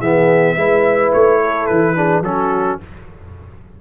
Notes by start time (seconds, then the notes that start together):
0.00 E3 B3 G#4 E5
0.57 G#3 E4 B4
1.13 A3 C#5
1.41 A4
1.66 E3 B4
1.96 D4 G#4
2.21 F#3 C#4 F#4 A4